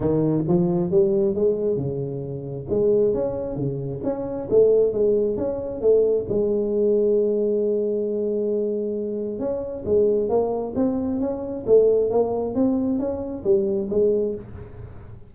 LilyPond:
\new Staff \with { instrumentName = "tuba" } { \time 4/4 \tempo 4 = 134 dis4 f4 g4 gis4 | cis2 gis4 cis'4 | cis4 cis'4 a4 gis4 | cis'4 a4 gis2~ |
gis1~ | gis4 cis'4 gis4 ais4 | c'4 cis'4 a4 ais4 | c'4 cis'4 g4 gis4 | }